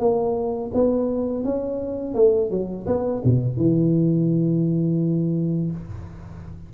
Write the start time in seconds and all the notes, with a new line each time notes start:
0.00 A#3
0.74 B3
1.44 C#4
2.15 A3
2.51 F#3
2.87 B3
3.25 B2
3.57 E3